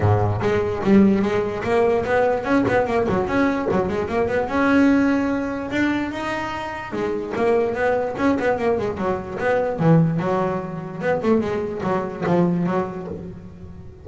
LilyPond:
\new Staff \with { instrumentName = "double bass" } { \time 4/4 \tempo 4 = 147 gis,4 gis4 g4 gis4 | ais4 b4 cis'8 b8 ais8 fis8 | cis'4 fis8 gis8 ais8 b8 cis'4~ | cis'2 d'4 dis'4~ |
dis'4 gis4 ais4 b4 | cis'8 b8 ais8 gis8 fis4 b4 | e4 fis2 b8 a8 | gis4 fis4 f4 fis4 | }